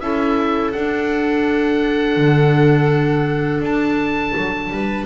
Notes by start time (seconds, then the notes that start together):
0.00 C#4 E4 A4 E5
0.72 D4 F#5
2.17 D3
3.61 D4 A5
4.37 F#3
4.70 G3 B4